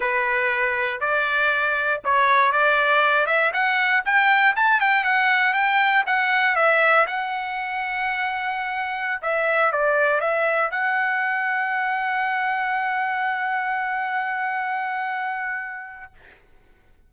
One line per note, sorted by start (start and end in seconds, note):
0.00 1.00 B4
1.00 2.01 D5
2.04 2.51 C#5
2.51 3.26 D5
3.26 3.51 E5
3.53 4.03 F#5
4.05 4.55 G5
4.56 4.80 A5
4.80 5.04 G5
5.04 5.53 F#5
5.53 6.04 G5
6.06 6.55 F#5
6.55 7.06 E5
7.06 9.21 F#5
9.22 9.72 E5
9.72 10.20 D5
10.20 10.70 E5
10.71 16.13 F#5